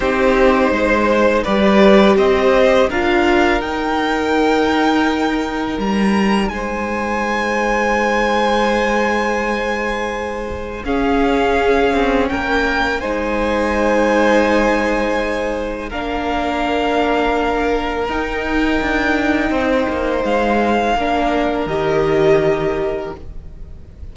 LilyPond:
<<
  \new Staff \with { instrumentName = "violin" } { \time 4/4 \tempo 4 = 83 c''2 d''4 dis''4 | f''4 g''2. | ais''4 gis''2.~ | gis''2. f''4~ |
f''4 g''4 gis''2~ | gis''2 f''2~ | f''4 g''2. | f''2 dis''2 | }
  \new Staff \with { instrumentName = "violin" } { \time 4/4 g'4 c''4 b'4 c''4 | ais'1~ | ais'4 c''2.~ | c''2. gis'4~ |
gis'4 ais'4 c''2~ | c''2 ais'2~ | ais'2. c''4~ | c''4 ais'2. | }
  \new Staff \with { instrumentName = "viola" } { \time 4/4 dis'2 g'2 | f'4 dis'2.~ | dis'1~ | dis'2. cis'4~ |
cis'2 dis'2~ | dis'2 d'2~ | d'4 dis'2.~ | dis'4 d'4 g'2 | }
  \new Staff \with { instrumentName = "cello" } { \time 4/4 c'4 gis4 g4 c'4 | d'4 dis'2. | g4 gis2.~ | gis2. cis'4~ |
cis'8 c'8 ais4 gis2~ | gis2 ais2~ | ais4 dis'4 d'4 c'8 ais8 | gis4 ais4 dis2 | }
>>